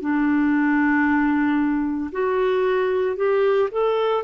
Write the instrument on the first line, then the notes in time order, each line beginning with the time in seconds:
clarinet
0.00 D4
2.11 F#4
3.16 G4
3.71 A4